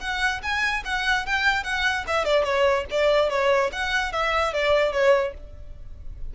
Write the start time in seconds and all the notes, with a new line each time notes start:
0.00 F#5
0.42 G#5
0.85 F#5
1.26 G5
1.63 F#5
2.07 E5
2.25 D5
2.44 C#5
2.91 D5
3.30 C#5
3.72 F#5
4.12 E5
4.53 D5
4.92 C#5